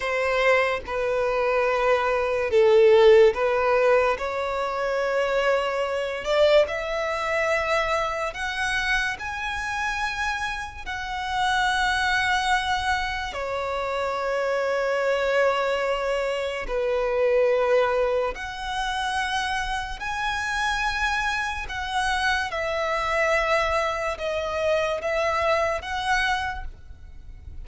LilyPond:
\new Staff \with { instrumentName = "violin" } { \time 4/4 \tempo 4 = 72 c''4 b'2 a'4 | b'4 cis''2~ cis''8 d''8 | e''2 fis''4 gis''4~ | gis''4 fis''2. |
cis''1 | b'2 fis''2 | gis''2 fis''4 e''4~ | e''4 dis''4 e''4 fis''4 | }